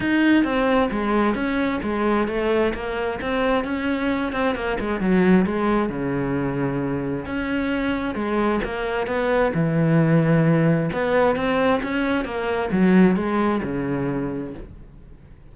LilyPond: \new Staff \with { instrumentName = "cello" } { \time 4/4 \tempo 4 = 132 dis'4 c'4 gis4 cis'4 | gis4 a4 ais4 c'4 | cis'4. c'8 ais8 gis8 fis4 | gis4 cis2. |
cis'2 gis4 ais4 | b4 e2. | b4 c'4 cis'4 ais4 | fis4 gis4 cis2 | }